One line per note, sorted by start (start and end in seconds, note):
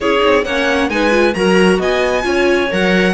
0.00 0.23 C#4
0.00 0.18 E4
0.00 0.45 G#4
0.00 0.44 C#5
0.18 0.40 D#4
0.24 0.45 C4
0.44 0.89 A#3
0.44 0.90 C#4
0.44 0.90 C#5
0.44 0.89 F#5
0.89 1.34 G#3
0.89 1.10 D#4
0.89 1.36 B4
0.89 1.34 G#5
1.10 1.33 F4
1.34 1.78 F#3
1.34 2.22 F#4
1.34 1.79 A#4
1.34 1.79 A#5
1.78 2.23 B3
1.78 2.24 D#5
1.78 2.72 G#5
2.22 2.69 C#4
2.22 2.67 F4
2.22 3.14 C#5
2.71 3.14 F#3
2.71 3.14 A#4
2.71 3.14 F#5